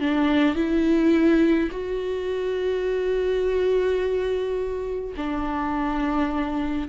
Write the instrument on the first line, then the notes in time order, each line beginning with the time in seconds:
viola
0.00 D4
0.55 E4
1.71 F#4
5.17 D4